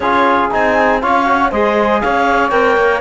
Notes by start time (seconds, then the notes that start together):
0.00 C#4 F4 G#4 C#5
0.51 C4 D#4 G#5
1.01 C#4 F4 C#5 F5
1.26 F#4
1.50 G#3 G#4 C5 D#5
2.00 C#4 C#5 F5
2.49 C4 A#4 G5
2.76 A#3